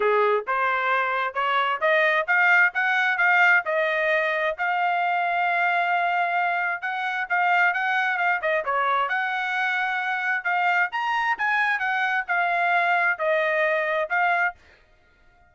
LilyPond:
\new Staff \with { instrumentName = "trumpet" } { \time 4/4 \tempo 4 = 132 gis'4 c''2 cis''4 | dis''4 f''4 fis''4 f''4 | dis''2 f''2~ | f''2. fis''4 |
f''4 fis''4 f''8 dis''8 cis''4 | fis''2. f''4 | ais''4 gis''4 fis''4 f''4~ | f''4 dis''2 f''4 | }